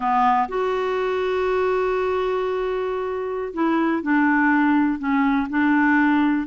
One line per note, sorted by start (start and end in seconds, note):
0.00 0.48 B3
0.48 3.53 F#4
3.53 4.02 E4
4.02 4.98 D4
4.98 5.47 C#4
5.49 6.47 D4